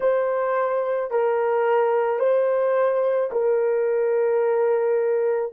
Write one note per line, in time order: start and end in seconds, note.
0.00 1.11 C5
1.11 2.19 A#4
2.19 3.30 C5
3.32 5.53 A#4